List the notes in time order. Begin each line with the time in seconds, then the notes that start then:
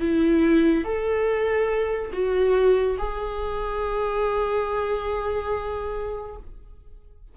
0.00 E4
0.85 A4
2.13 F#4
2.98 G#4